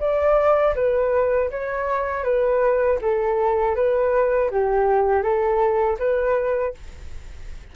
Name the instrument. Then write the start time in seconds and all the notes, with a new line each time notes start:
flute
0.00 D5
0.76 B4
1.51 C#5
2.24 B4
3.02 A4
3.76 B4
4.51 G4
5.23 A4
5.99 B4